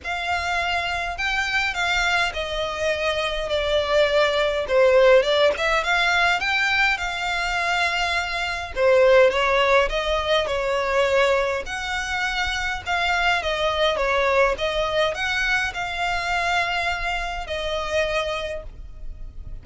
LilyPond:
\new Staff \with { instrumentName = "violin" } { \time 4/4 \tempo 4 = 103 f''2 g''4 f''4 | dis''2 d''2 | c''4 d''8 e''8 f''4 g''4 | f''2. c''4 |
cis''4 dis''4 cis''2 | fis''2 f''4 dis''4 | cis''4 dis''4 fis''4 f''4~ | f''2 dis''2 | }